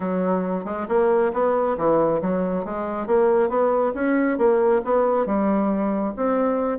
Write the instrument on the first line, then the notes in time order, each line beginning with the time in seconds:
bassoon
0.00 F#3
0.65 G#3
0.88 A#3
1.33 B3
1.77 E3
2.21 F#3
2.65 G#3
3.06 A#3
3.49 B3
3.94 C#4
4.38 A#3
4.84 B3
5.26 G3
6.16 C4